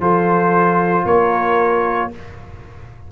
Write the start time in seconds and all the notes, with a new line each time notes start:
0.00 F3 F4 A4 C5
1.06 A#3 A#4 C#5